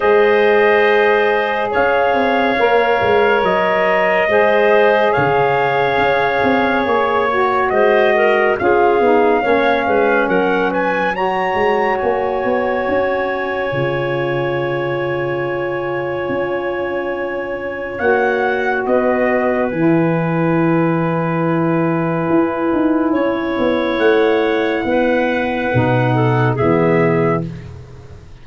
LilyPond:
<<
  \new Staff \with { instrumentName = "trumpet" } { \time 4/4 \tempo 4 = 70 dis''2 f''2 | dis''2 f''2 | cis''4 dis''4 f''2 | fis''8 gis''8 ais''4 gis''2~ |
gis''1~ | gis''4 fis''4 dis''4 gis''4~ | gis''1 | fis''2. e''4 | }
  \new Staff \with { instrumentName = "clarinet" } { \time 4/4 c''2 cis''2~ | cis''4 c''4 cis''2~ | cis''4 c''8 ais'8 gis'4 cis''8 b'8 | ais'8 b'8 cis''2.~ |
cis''1~ | cis''2 b'2~ | b'2. cis''4~ | cis''4 b'4. a'8 gis'4 | }
  \new Staff \with { instrumentName = "saxophone" } { \time 4/4 gis'2. ais'4~ | ais'4 gis'2.~ | gis'8 fis'4. f'8 dis'8 cis'4~ | cis'4 fis'2. |
f'1~ | f'4 fis'2 e'4~ | e'1~ | e'2 dis'4 b4 | }
  \new Staff \with { instrumentName = "tuba" } { \time 4/4 gis2 cis'8 c'8 ais8 gis8 | fis4 gis4 cis4 cis'8 c'8 | ais4 gis4 cis'8 b8 ais8 gis8 | fis4. gis8 ais8 b8 cis'4 |
cis2. cis'4~ | cis'4 ais4 b4 e4~ | e2 e'8 dis'8 cis'8 b8 | a4 b4 b,4 e4 | }
>>